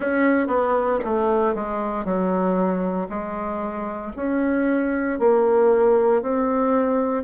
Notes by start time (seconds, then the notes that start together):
0.00 C#4
0.47 B3
1.04 A3
1.54 G#3
2.04 F#3
3.08 G#3
4.16 C#4
5.19 A#3
6.22 C4